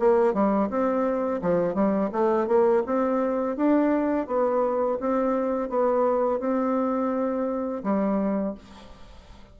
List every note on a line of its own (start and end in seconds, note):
0.00 0.34 A#3
0.34 0.70 G3
0.70 1.42 C4
1.42 1.75 F3
1.75 2.11 G3
2.13 2.48 A3
2.48 2.83 A#3
2.87 3.57 C4
3.57 4.28 D4
4.28 4.99 B3
5.01 5.70 C4
5.70 6.40 B3
6.40 7.83 C4
7.84 8.55 G3